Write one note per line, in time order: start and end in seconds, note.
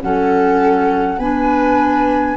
0.00 1.18 F#3
0.00 1.18 C#4
0.00 1.19 A4
0.00 1.19 F#5
1.18 2.36 B3
1.18 2.36 D4
1.18 2.36 B4
1.18 2.36 G#5